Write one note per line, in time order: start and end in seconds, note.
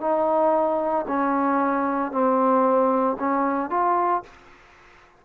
0.00 1.05 D#4
1.07 2.11 C#4
2.11 3.17 C4
3.19 3.70 C#4
3.70 4.22 F4